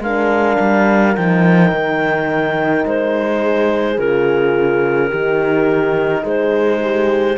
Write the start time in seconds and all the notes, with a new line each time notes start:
0.00 G#3 D4 A#4 F5
0.60 G3
1.14 F3 D#4 G5
1.71 D#3
2.85 G#3 C5
3.41 G#4
3.98 C#3 F4 A#4
5.09 D#3 D#4 G4
6.24 G#3 G#4 C5
6.83 G4